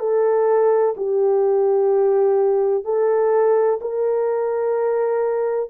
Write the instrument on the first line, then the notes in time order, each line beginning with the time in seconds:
horn
0.00 A4
0.97 G4
2.84 A4
3.82 A#4